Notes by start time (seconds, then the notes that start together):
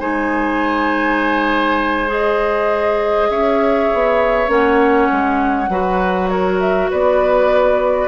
0.00 G#3 D#4 C5 G#5
2.07 G#4 D#5
3.30 C#4 C#5 E5
3.94 B3
4.48 A#3 C#4 F#5
5.12 G#3
5.69 F#3 F#4 B4
6.29 A#4 C#5
6.61 E5
6.91 B3 B4 D5